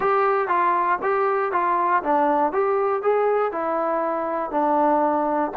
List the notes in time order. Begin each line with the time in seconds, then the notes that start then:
0.00 G4
0.48 F4
1.02 G4
1.52 F4
2.03 D4
2.52 G4
3.02 G#4
3.52 E4
4.50 D4